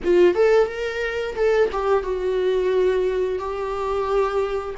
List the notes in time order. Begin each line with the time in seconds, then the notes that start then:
0.04 F4
0.34 A4
0.67 A#4
1.35 A4
1.72 G4
2.03 F#4
3.38 G4